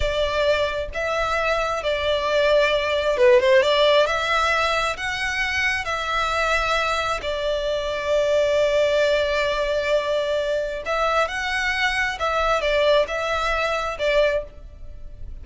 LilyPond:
\new Staff \with { instrumentName = "violin" } { \time 4/4 \tempo 4 = 133 d''2 e''2 | d''2. b'8 c''8 | d''4 e''2 fis''4~ | fis''4 e''2. |
d''1~ | d''1 | e''4 fis''2 e''4 | d''4 e''2 d''4 | }